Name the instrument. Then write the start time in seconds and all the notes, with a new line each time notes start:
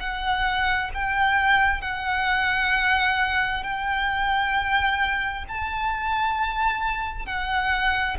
violin
0.00 F#5
0.94 G5
1.81 F#5
3.63 G5
5.49 A5
7.26 F#5